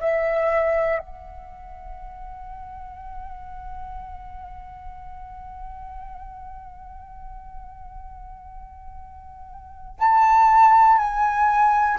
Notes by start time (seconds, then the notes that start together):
0.00 E5
0.98 F#5
9.99 A5
10.98 G#5